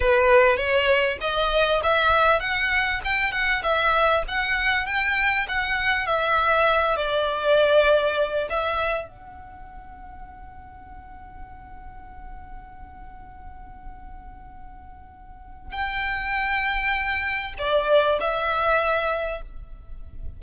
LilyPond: \new Staff \with { instrumentName = "violin" } { \time 4/4 \tempo 4 = 99 b'4 cis''4 dis''4 e''4 | fis''4 g''8 fis''8 e''4 fis''4 | g''4 fis''4 e''4. d''8~ | d''2 e''4 fis''4~ |
fis''1~ | fis''1~ | fis''2 g''2~ | g''4 d''4 e''2 | }